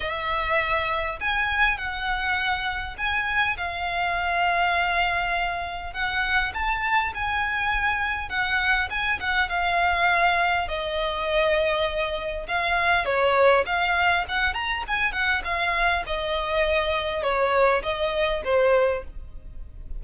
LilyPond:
\new Staff \with { instrumentName = "violin" } { \time 4/4 \tempo 4 = 101 e''2 gis''4 fis''4~ | fis''4 gis''4 f''2~ | f''2 fis''4 a''4 | gis''2 fis''4 gis''8 fis''8 |
f''2 dis''2~ | dis''4 f''4 cis''4 f''4 | fis''8 ais''8 gis''8 fis''8 f''4 dis''4~ | dis''4 cis''4 dis''4 c''4 | }